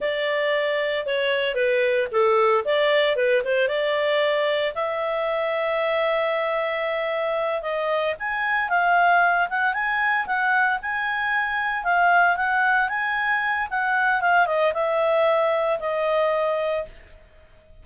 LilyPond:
\new Staff \with { instrumentName = "clarinet" } { \time 4/4 \tempo 4 = 114 d''2 cis''4 b'4 | a'4 d''4 b'8 c''8 d''4~ | d''4 e''2.~ | e''2~ e''8 dis''4 gis''8~ |
gis''8 f''4. fis''8 gis''4 fis''8~ | fis''8 gis''2 f''4 fis''8~ | fis''8 gis''4. fis''4 f''8 dis''8 | e''2 dis''2 | }